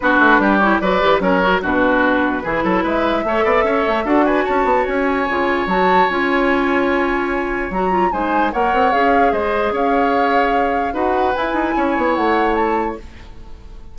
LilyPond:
<<
  \new Staff \with { instrumentName = "flute" } { \time 4/4 \tempo 4 = 148 b'4. cis''8 d''4 cis''4 | b'2. e''4~ | e''2 fis''8 gis''8 a''4 | gis''2 a''4 gis''4~ |
gis''2. ais''4 | gis''4 fis''4 f''4 dis''4 | f''2. fis''4 | gis''2 fis''4 a''4 | }
  \new Staff \with { instrumentName = "oboe" } { \time 4/4 fis'4 g'4 b'4 ais'4 | fis'2 gis'8 a'8 b'4 | cis''8 d''8 cis''4 a'8 b'8 cis''4~ | cis''1~ |
cis''1 | c''4 cis''2 c''4 | cis''2. b'4~ | b'4 cis''2. | }
  \new Staff \with { instrumentName = "clarinet" } { \time 4/4 d'4. e'8 fis'8 g'8 cis'8 fis'8 | d'2 e'2 | a'2 fis'2~ | fis'4 f'4 fis'4 f'4~ |
f'2. fis'8 f'8 | dis'4 ais'4 gis'2~ | gis'2. fis'4 | e'1 | }
  \new Staff \with { instrumentName = "bassoon" } { \time 4/4 b8 a8 g4 fis8 e8 fis4 | b,2 e8 fis8 gis4 | a8 b8 cis'8 a8 d'4 cis'8 b8 | cis'4 cis4 fis4 cis'4~ |
cis'2. fis4 | gis4 ais8 c'8 cis'4 gis4 | cis'2. dis'4 | e'8 dis'8 cis'8 b8 a2 | }
>>